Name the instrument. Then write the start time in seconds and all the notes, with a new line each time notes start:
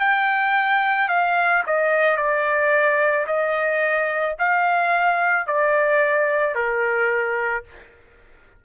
trumpet
0.00 G5
1.09 F5
1.67 D#5
2.17 D5
3.27 D#5
4.39 F5
5.47 D5
6.55 A#4